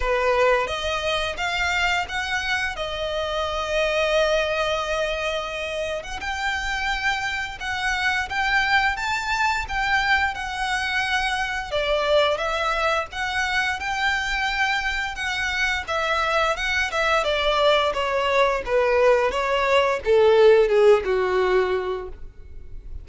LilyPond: \new Staff \with { instrumentName = "violin" } { \time 4/4 \tempo 4 = 87 b'4 dis''4 f''4 fis''4 | dis''1~ | dis''8. fis''16 g''2 fis''4 | g''4 a''4 g''4 fis''4~ |
fis''4 d''4 e''4 fis''4 | g''2 fis''4 e''4 | fis''8 e''8 d''4 cis''4 b'4 | cis''4 a'4 gis'8 fis'4. | }